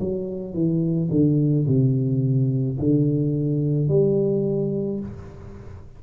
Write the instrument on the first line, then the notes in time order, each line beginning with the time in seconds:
tuba
0.00 F#3
0.54 E3
1.11 D3
1.67 C3
2.79 D3
3.88 G3